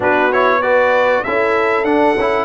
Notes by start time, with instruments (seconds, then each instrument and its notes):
0.00 tuba B3, trombone D4, horn F#4, trumpet B4
0.32 trombone E4, trumpet C#5
0.61 trombone F#4, horn B4, trumpet D5
1.23 tuba C#4, trombone E4, horn A4, trumpet E5
1.83 tuba D4, trombone D4, trumpet F#5
2.17 tuba C#4, trombone E4